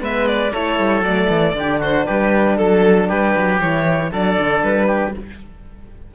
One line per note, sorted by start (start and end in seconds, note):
0.00 0.52 G#3
0.00 0.51 B3
0.00 0.53 B4
0.00 0.27 E5
0.27 0.53 D5
0.53 0.79 A3
0.53 1.05 E4
0.53 1.55 A4
0.53 1.04 C#5
0.79 1.01 G3
1.01 1.27 F#3
1.01 1.56 A3
1.01 1.81 D5
1.30 1.54 E3
1.54 2.05 D3
1.54 3.62 D4
1.54 1.80 G4
1.80 2.05 F#4
1.80 2.06 C5
2.06 2.59 G3
2.06 2.57 G4
2.06 2.58 B4
2.57 3.10 F#3
2.57 3.08 A4
2.57 3.09 A4
3.08 3.36 G3
3.08 4.11 G4
3.08 3.60 B4
3.37 3.61 F#3
3.60 4.12 E3
3.60 4.12 E4
3.60 4.11 C#5
4.12 4.38 F#3
4.12 5.15 D4
4.12 4.87 A4
4.12 4.63 D5
4.39 4.63 D3
4.63 5.15 G3
4.63 5.15 B4
4.87 5.13 G4